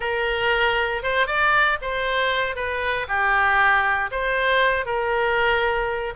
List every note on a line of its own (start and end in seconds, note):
0.00 1.02 A#4
1.02 1.26 C5
1.26 1.78 D5
1.81 2.55 C5
2.55 3.06 B4
3.07 4.10 G4
4.11 4.85 C5
4.85 6.13 A#4